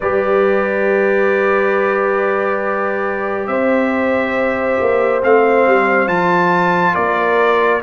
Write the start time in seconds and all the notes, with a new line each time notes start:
0.00 G3 G4 B4 D5
3.47 C4 C5 E5
4.80 A#3
5.22 A3 C4 F5
5.66 G3
6.07 F3 F4 A5
6.93 A#3 A#4 D5